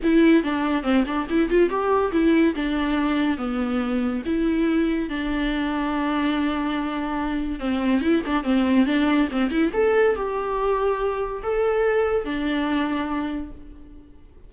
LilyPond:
\new Staff \with { instrumentName = "viola" } { \time 4/4 \tempo 4 = 142 e'4 d'4 c'8 d'8 e'8 f'8 | g'4 e'4 d'2 | b2 e'2 | d'1~ |
d'2 c'4 e'8 d'8 | c'4 d'4 c'8 e'8 a'4 | g'2. a'4~ | a'4 d'2. | }